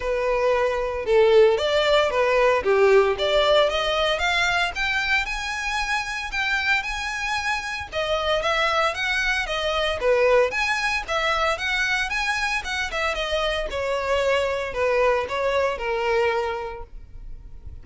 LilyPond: \new Staff \with { instrumentName = "violin" } { \time 4/4 \tempo 4 = 114 b'2 a'4 d''4 | b'4 g'4 d''4 dis''4 | f''4 g''4 gis''2 | g''4 gis''2 dis''4 |
e''4 fis''4 dis''4 b'4 | gis''4 e''4 fis''4 gis''4 | fis''8 e''8 dis''4 cis''2 | b'4 cis''4 ais'2 | }